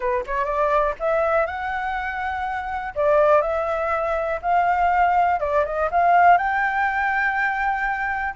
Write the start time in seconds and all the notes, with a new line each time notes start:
0.00 B4
0.26 C#5
0.44 D5
0.99 E5
1.46 F#5
2.95 D5
3.41 E5
4.42 F5
5.40 D5
5.65 D#5
5.91 F5
6.37 G5